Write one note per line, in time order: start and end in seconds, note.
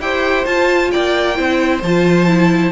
0.00 0.45 E4
0.00 0.46 G4
0.00 0.91 C5
0.00 0.45 G5
0.45 1.35 F4
0.45 0.91 F4
0.45 0.91 A5
0.91 1.39 A#3
0.91 1.36 D5
0.91 1.82 G5
1.35 1.82 C4
1.35 1.80 E4
1.35 2.72 C5
1.82 2.72 F3
1.82 2.27 F4
1.82 2.72 A5
2.27 2.72 E4